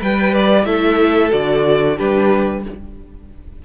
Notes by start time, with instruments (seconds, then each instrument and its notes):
0.00 cello G3, viola B4, violin B4 G5
0.34 violin D5
0.64 cello A3, viola E4, violin A4 E5
1.30 cello D3, viola F#4, violin D5
1.96 cello G3, viola D4, violin G4 B4